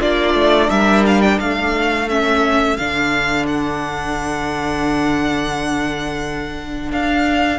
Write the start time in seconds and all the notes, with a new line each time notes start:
0.00 A#3 D4 F4 D5
0.34 A3
0.70 G3 A#4 E5
1.06 F5
1.22 G5
1.40 A3 A4 F5
2.08 C#4 E5
2.77 D3 D4 F5
3.47 F#5
6.92 D4 F5